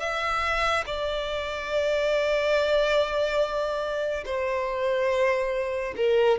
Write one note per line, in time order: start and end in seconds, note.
0.00 0.85 E5
0.86 4.24 D5
4.26 5.95 C5
5.97 6.39 A#4